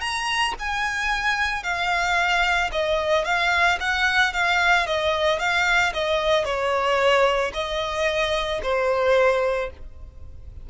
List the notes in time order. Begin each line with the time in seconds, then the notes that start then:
0.00 A#5
0.59 G#5
1.63 F5
2.72 D#5
3.24 F5
3.80 F#5
4.33 F5
4.86 D#5
5.39 F5
5.94 D#5
6.44 C#5
7.53 D#5
8.62 C5